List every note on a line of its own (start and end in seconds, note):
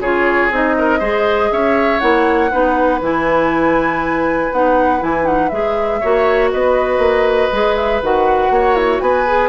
0.00 0.50 C#3
0.00 0.52 F4
0.00 0.76 G#4
0.00 0.52 C#5
0.51 1.01 C4
0.51 1.01 D#4
0.51 1.53 D#5
0.79 0.99 A#4
0.99 1.51 G#3
0.99 2.01 G#4
0.99 1.49 C5
1.52 2.02 C#4
1.52 2.52 C#5
1.52 2.00 E5
2.00 2.52 A#3
2.00 2.51 E4
2.00 3.00 F#5
2.52 3.01 B3
2.52 3.02 D#4
2.52 6.01 B4
3.01 4.51 E3
3.01 4.53 E4
3.01 4.53 G#5
4.53 5.03 B3
4.53 5.00 D#4
4.53 5.03 F#5
5.00 5.52 E3
5.00 5.24 E4
5.00 5.26 G#5
5.24 5.49 D#4
5.24 5.49 F#5
5.49 6.02 G#3
5.49 6.02 G#4
5.49 6.49 E5
6.01 6.54 A#3
6.01 7.52 F#4
6.01 6.51 C#5
6.52 6.99 B3
6.52 8.53 B4
6.52 7.77 D#5
6.99 7.49 A#3
7.52 8.02 G#3
7.52 8.02 G#4
7.77 8.02 E5
8.02 8.51 D#3
8.02 9.27 F#4
8.02 8.77 F#5
8.51 9.01 A#3
8.51 9.03 C#5
8.77 9.01 E4
9.01 9.50 B3
9.01 9.50 B4
9.01 9.50 G#5
9.27 9.50 G#4